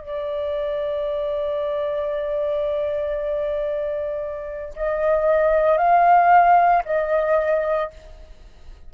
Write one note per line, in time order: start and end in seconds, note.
0.00 4.74 D5
4.76 5.77 D#5
5.77 6.82 F5
6.85 7.90 D#5